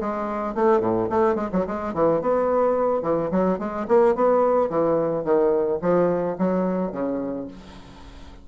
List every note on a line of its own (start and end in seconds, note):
0.00 0.54 G#3
0.54 0.80 A3
0.80 1.08 A2
1.09 1.35 A3
1.35 1.49 G#3
1.52 1.66 F#3
1.66 1.94 G#3
1.94 2.21 E3
2.21 3.02 B3
3.02 3.30 E3
3.31 3.58 F#3
3.58 3.86 G#3
3.88 4.15 A#3
4.15 4.69 B3
4.69 5.24 E3
5.24 5.79 D#3
5.81 6.37 F3
6.38 6.91 F#3
6.91 7.47 C#3